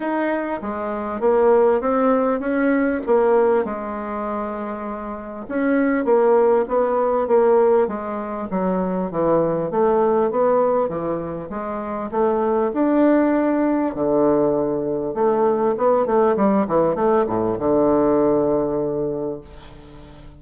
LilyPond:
\new Staff \with { instrumentName = "bassoon" } { \time 4/4 \tempo 4 = 99 dis'4 gis4 ais4 c'4 | cis'4 ais4 gis2~ | gis4 cis'4 ais4 b4 | ais4 gis4 fis4 e4 |
a4 b4 e4 gis4 | a4 d'2 d4~ | d4 a4 b8 a8 g8 e8 | a8 a,8 d2. | }